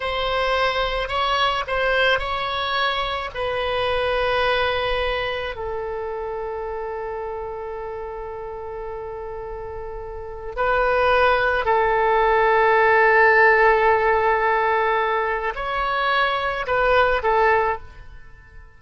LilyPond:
\new Staff \with { instrumentName = "oboe" } { \time 4/4 \tempo 4 = 108 c''2 cis''4 c''4 | cis''2 b'2~ | b'2 a'2~ | a'1~ |
a'2. b'4~ | b'4 a'2.~ | a'1 | cis''2 b'4 a'4 | }